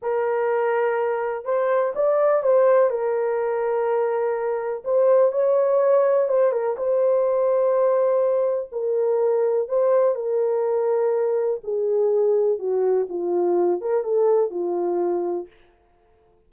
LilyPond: \new Staff \with { instrumentName = "horn" } { \time 4/4 \tempo 4 = 124 ais'2. c''4 | d''4 c''4 ais'2~ | ais'2 c''4 cis''4~ | cis''4 c''8 ais'8 c''2~ |
c''2 ais'2 | c''4 ais'2. | gis'2 fis'4 f'4~ | f'8 ais'8 a'4 f'2 | }